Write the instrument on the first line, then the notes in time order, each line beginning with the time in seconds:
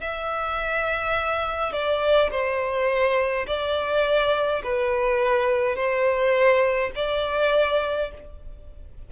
violin
0.00 E5
1.72 D5
2.30 C5
3.47 D5
4.63 B4
5.75 C5
6.95 D5